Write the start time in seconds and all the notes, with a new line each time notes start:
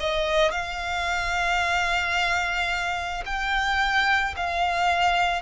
0.00 D#5
0.51 F5
3.26 G5
4.36 F5